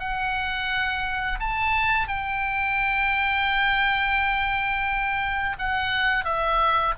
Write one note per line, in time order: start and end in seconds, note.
0.00 1.40 F#5
1.40 2.08 A5
2.08 5.57 G5
5.59 6.25 F#5
6.25 6.95 E5